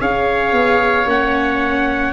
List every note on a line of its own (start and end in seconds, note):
0.00 0.52 C#4
0.00 1.07 G#4
0.00 2.13 C#5
0.00 1.08 F5
0.52 1.05 B3
1.05 2.12 A#3
1.05 2.13 C#4
1.05 2.13 F#5